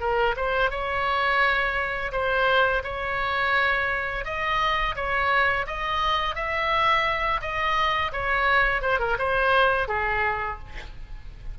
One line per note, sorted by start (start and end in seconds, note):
0.00 0.35 A#4
0.36 0.71 C5
0.71 2.12 C#5
2.12 2.82 C5
2.83 4.24 C#5
4.25 4.95 D#5
4.95 5.66 C#5
5.67 6.35 D#5
6.35 7.41 E5
7.41 8.12 D#5
8.12 8.81 C#5
8.81 8.99 C5
8.99 9.17 A#4
9.18 9.88 C5
9.88 10.59 G#4